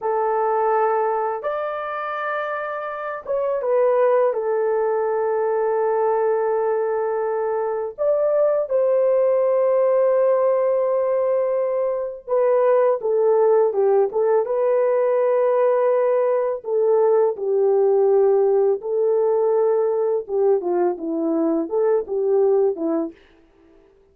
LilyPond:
\new Staff \with { instrumentName = "horn" } { \time 4/4 \tempo 4 = 83 a'2 d''2~ | d''8 cis''8 b'4 a'2~ | a'2. d''4 | c''1~ |
c''4 b'4 a'4 g'8 a'8 | b'2. a'4 | g'2 a'2 | g'8 f'8 e'4 a'8 g'4 e'8 | }